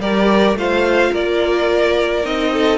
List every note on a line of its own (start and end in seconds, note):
0.00 0.54 G3
0.00 0.57 G4
0.00 0.57 A#4
0.00 0.57 D5
0.54 1.10 A3
0.54 2.23 F4
0.54 1.11 C5
0.54 1.14 F5
1.11 2.24 A#3
1.11 2.51 A#4
1.11 2.25 D5
2.23 2.78 C4
2.23 2.78 D#4
2.23 2.78 D#5
2.52 2.78 A4